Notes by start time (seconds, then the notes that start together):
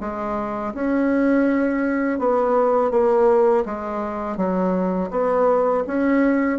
0.00 G#3
0.74 C#4
2.19 B3
2.91 A#3
3.65 G#3
4.37 F#3
5.11 B3
5.87 C#4